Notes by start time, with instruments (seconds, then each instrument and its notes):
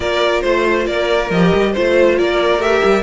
0.00 cello A#3, viola F4, violin A#4 D5
0.41 cello A3, violin C5
0.86 cello A#3, violin A#4 D5
1.30 cello F3, viola G4, violin D#5
1.54 cello G3
1.72 cello A3, viola F4, violin C5
2.17 cello A#3, violin A#4 D5
2.58 cello A3, viola G4, violin E5
2.84 cello G3